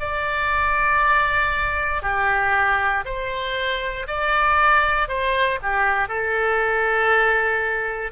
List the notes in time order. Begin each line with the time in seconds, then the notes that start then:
0.00 D5
2.03 G4
3.06 C5
4.08 D5
5.09 C5
5.63 G4
6.09 A4